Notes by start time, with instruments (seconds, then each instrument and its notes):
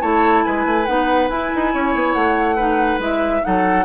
0.00 bassoon A3, clarinet E4, oboe C#5, flute A5
0.44 bassoon G#3, oboe B4, flute G#5
0.65 bassoon A3
0.85 bassoon B3, clarinet D#4, flute F#5
1.29 bassoon E4, clarinet E4, flute G#5
1.55 bassoon D#4
1.73 bassoon C#4, oboe C#5
1.94 bassoon B3
2.13 bassoon A3, flute F#5
2.55 clarinet D#4, oboe B4
2.98 bassoon G#3, clarinet E4, flute E5
3.41 bassoon F#3, clarinet D#4, oboe A4, flute F#5